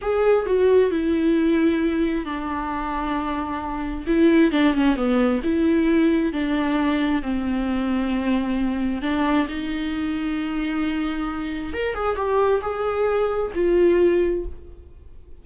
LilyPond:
\new Staff \with { instrumentName = "viola" } { \time 4/4 \tempo 4 = 133 gis'4 fis'4 e'2~ | e'4 d'2.~ | d'4 e'4 d'8 cis'8 b4 | e'2 d'2 |
c'1 | d'4 dis'2.~ | dis'2 ais'8 gis'8 g'4 | gis'2 f'2 | }